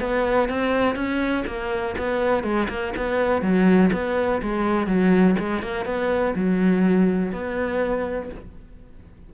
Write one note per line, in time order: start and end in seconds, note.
0.00 0.49 B3
0.49 0.95 C4
0.95 1.44 C#4
1.46 1.95 A#3
1.97 2.43 B3
2.43 2.67 G#3
2.69 2.93 A#3
2.96 3.42 B3
3.42 3.90 F#3
3.92 4.41 B3
4.42 4.87 G#3
4.87 5.36 F#3
5.39 5.62 G#3
5.62 5.85 A#3
5.85 6.34 B3
6.35 7.32 F#3
7.32 8.30 B3